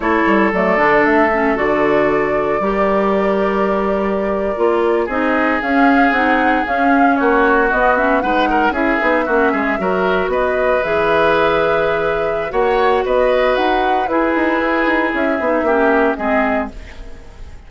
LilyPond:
<<
  \new Staff \with { instrumentName = "flute" } { \time 4/4 \tempo 4 = 115 cis''4 d''4 e''4 d''4~ | d''1~ | d''4.~ d''16 dis''4 f''4 fis''16~ | fis''8. f''4 cis''4 dis''8 e''8 fis''16~ |
fis''8. e''2. dis''16~ | dis''8. e''2.~ e''16 | fis''4 dis''4 fis''4 b'4~ | b'4 e''2 dis''4 | }
  \new Staff \with { instrumentName = "oboe" } { \time 4/4 a'1~ | a'4 ais'2.~ | ais'4.~ ais'16 gis'2~ gis'16~ | gis'4.~ gis'16 fis'2 b'16~ |
b'16 ais'8 gis'4 fis'8 gis'8 ais'4 b'16~ | b'1 | cis''4 b'2 gis'4~ | gis'2 g'4 gis'4 | }
  \new Staff \with { instrumentName = "clarinet" } { \time 4/4 e'4 a8 d'4 cis'8 fis'4~ | fis'4 g'2.~ | g'8. f'4 dis'4 cis'4 dis'16~ | dis'8. cis'2 b8 cis'8 dis'16~ |
dis'8. e'8 dis'8 cis'4 fis'4~ fis'16~ | fis'8. gis'2.~ gis'16 | fis'2. e'4~ | e'4. dis'8 cis'4 c'4 | }
  \new Staff \with { instrumentName = "bassoon" } { \time 4/4 a8 g8 fis8 d8 a4 d4~ | d4 g2.~ | g8. ais4 c'4 cis'4 c'16~ | c'8. cis'4 ais4 b4 gis16~ |
gis8. cis'8 b8 ais8 gis8 fis4 b16~ | b8. e2.~ e16 | ais4 b4 dis'4 e'8 dis'8 | e'8 dis'8 cis'8 b8 ais4 gis4 | }
>>